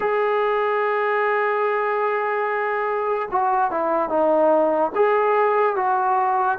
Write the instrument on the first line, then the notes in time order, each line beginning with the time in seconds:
trombone
0.00 G#4
3.31 F#4
3.71 E4
4.09 D#4
4.95 G#4
5.76 F#4